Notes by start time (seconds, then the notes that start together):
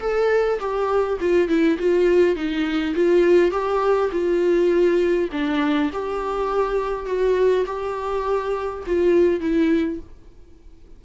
0.00 A4
0.59 G4
1.20 F4
1.48 E4
1.78 F4
2.35 D#4
2.95 F4
3.51 G4
4.11 F4
5.32 D4
5.93 G4
7.06 F#4
7.66 G4
8.86 F4
9.40 E4